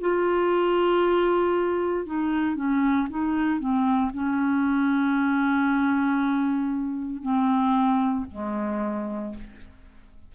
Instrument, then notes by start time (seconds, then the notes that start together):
clarinet
0.00 F4
2.06 D#4
2.55 C#4
3.09 D#4
3.59 C4
4.13 C#4
7.22 C4
8.31 G#3